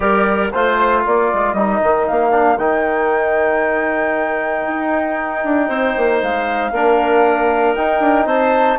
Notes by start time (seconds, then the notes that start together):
0.00 G3 G4 A#4 D5
0.51 A3 F4 C5
1.02 A#3 A#4 D5
1.33 G#3
1.53 G3 D#4 D#5
1.82 D#3
2.07 A#3 F5
2.31 D4
2.57 D#3 D#4 G5
4.67 D#4
5.44 D4
5.68 C4 C5
5.96 A#3
6.22 G#3 F5
6.71 A#3 D4 A#4
7.74 D#4 G5
8.00 D4
8.25 C4 C5 A5